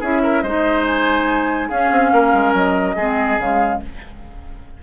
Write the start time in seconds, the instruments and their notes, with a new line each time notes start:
0.00 bassoon C#4, clarinet E4, oboe G#4, flute E5
0.23 oboe A#4
0.42 bassoon G#3, clarinet D#4, oboe C5, flute D#5
0.86 flute G#5
1.68 bassoon C#4, clarinet C#4, oboe G#4, flute F5
1.91 bassoon C4
2.12 bassoon A#3, oboe A#4
2.33 bassoon G#3
2.53 bassoon F#3, flute D#5
2.95 bassoon G#3, clarinet C4, oboe G#4
3.38 bassoon C#3, clarinet G#3, flute F5